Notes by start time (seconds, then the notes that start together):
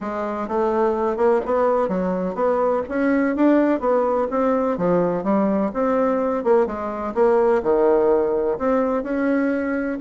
0.00 G#3
0.48 A3
1.16 A#3
1.45 B3
1.88 F#3
2.34 B3
2.89 C#4
3.36 D4
3.80 B3
4.30 C4
4.77 F3
5.23 G3
5.73 C4
6.44 A#3
6.66 G#3
7.14 A#3
7.62 D#3
8.58 C4
9.03 C#4